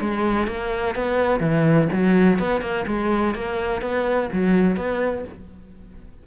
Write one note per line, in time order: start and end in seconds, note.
0.00 0.47 G#3
0.47 0.95 A#3
0.95 1.40 B3
1.40 1.88 E3
1.92 2.39 F#3
2.39 2.61 B3
2.61 2.85 A#3
2.86 3.34 G#3
3.34 3.81 A#3
3.81 4.29 B3
4.32 4.76 F#3
4.76 5.24 B3